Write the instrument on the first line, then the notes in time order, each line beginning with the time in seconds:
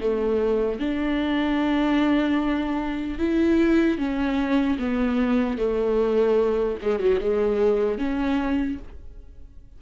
viola
0.00 A3
0.79 D4
3.19 E4
3.98 C#4
4.79 B3
5.58 A3
6.81 G#3
6.99 F#3
7.20 G#3
7.98 C#4